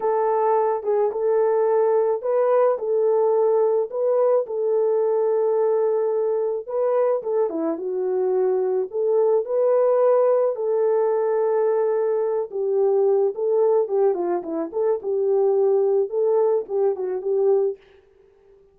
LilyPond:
\new Staff \with { instrumentName = "horn" } { \time 4/4 \tempo 4 = 108 a'4. gis'8 a'2 | b'4 a'2 b'4 | a'1 | b'4 a'8 e'8 fis'2 |
a'4 b'2 a'4~ | a'2~ a'8 g'4. | a'4 g'8 f'8 e'8 a'8 g'4~ | g'4 a'4 g'8 fis'8 g'4 | }